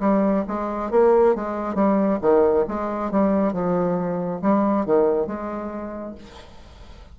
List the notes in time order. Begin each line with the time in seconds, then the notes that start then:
0.00 G3
0.47 G#3
0.91 A#3
1.35 G#3
1.74 G3
2.21 D#3
2.68 G#3
3.11 G3
3.53 F3
4.41 G3
4.85 D#3
5.27 G#3